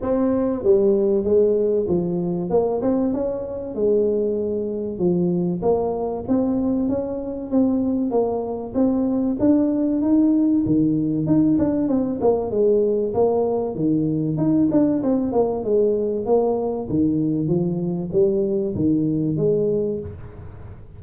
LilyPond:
\new Staff \with { instrumentName = "tuba" } { \time 4/4 \tempo 4 = 96 c'4 g4 gis4 f4 | ais8 c'8 cis'4 gis2 | f4 ais4 c'4 cis'4 | c'4 ais4 c'4 d'4 |
dis'4 dis4 dis'8 d'8 c'8 ais8 | gis4 ais4 dis4 dis'8 d'8 | c'8 ais8 gis4 ais4 dis4 | f4 g4 dis4 gis4 | }